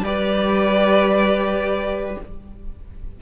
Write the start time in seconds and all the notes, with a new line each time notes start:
0.00 G3 G4 B4 D5